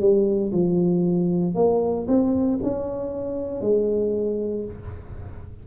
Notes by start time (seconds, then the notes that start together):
0.00 G3
0.52 F3
1.55 A#3
2.08 C4
2.63 C#4
3.62 G#3